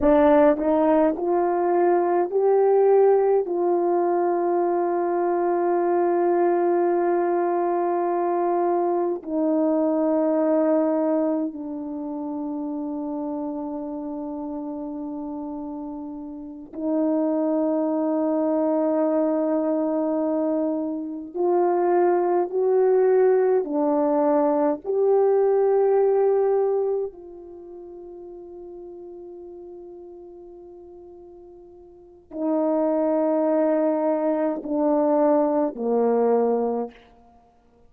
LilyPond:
\new Staff \with { instrumentName = "horn" } { \time 4/4 \tempo 4 = 52 d'8 dis'8 f'4 g'4 f'4~ | f'1 | dis'2 d'2~ | d'2~ d'8 dis'4.~ |
dis'2~ dis'8 f'4 fis'8~ | fis'8 d'4 g'2 f'8~ | f'1 | dis'2 d'4 ais4 | }